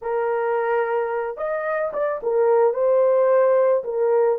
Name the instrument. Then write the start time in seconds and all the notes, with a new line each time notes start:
horn
0.01 A#4
1.37 D#5
1.93 D5
2.22 A#4
2.73 C5
3.84 A#4